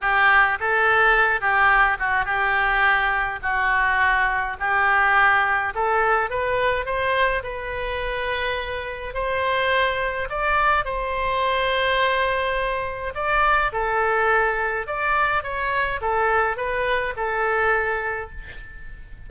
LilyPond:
\new Staff \with { instrumentName = "oboe" } { \time 4/4 \tempo 4 = 105 g'4 a'4. g'4 fis'8 | g'2 fis'2 | g'2 a'4 b'4 | c''4 b'2. |
c''2 d''4 c''4~ | c''2. d''4 | a'2 d''4 cis''4 | a'4 b'4 a'2 | }